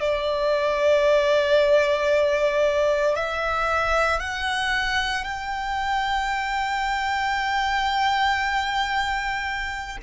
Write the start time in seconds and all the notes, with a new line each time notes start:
0.00 D5
3.15 E5
4.20 F#5
5.24 G5